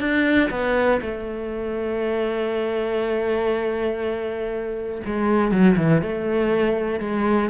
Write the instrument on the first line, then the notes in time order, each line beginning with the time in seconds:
cello
0.00 D4
0.50 B3
1.01 A3
5.06 G#3
5.51 F#3
5.77 E3
6.02 A3
7.00 G#3